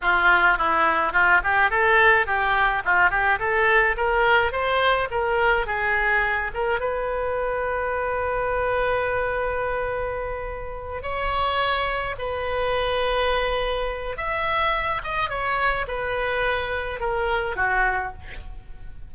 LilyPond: \new Staff \with { instrumentName = "oboe" } { \time 4/4 \tempo 4 = 106 f'4 e'4 f'8 g'8 a'4 | g'4 f'8 g'8 a'4 ais'4 | c''4 ais'4 gis'4. ais'8 | b'1~ |
b'2.~ b'8 cis''8~ | cis''4. b'2~ b'8~ | b'4 e''4. dis''8 cis''4 | b'2 ais'4 fis'4 | }